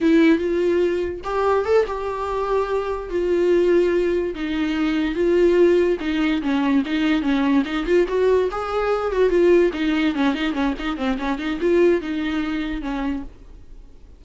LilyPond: \new Staff \with { instrumentName = "viola" } { \time 4/4 \tempo 4 = 145 e'4 f'2 g'4 | a'8 g'2. f'8~ | f'2~ f'8 dis'4.~ | dis'8 f'2 dis'4 cis'8~ |
cis'8 dis'4 cis'4 dis'8 f'8 fis'8~ | fis'8 gis'4. fis'8 f'4 dis'8~ | dis'8 cis'8 dis'8 cis'8 dis'8 c'8 cis'8 dis'8 | f'4 dis'2 cis'4 | }